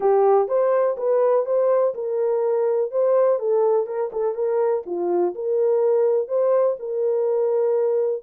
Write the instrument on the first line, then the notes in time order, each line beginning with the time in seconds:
horn
0.00 G4
0.48 C5
0.97 B4
1.45 C5
1.94 A#4
2.91 C5
3.39 A4
3.86 A#4
4.12 A4
4.35 A#4
4.85 F4
5.34 A#4
6.27 C5
6.79 A#4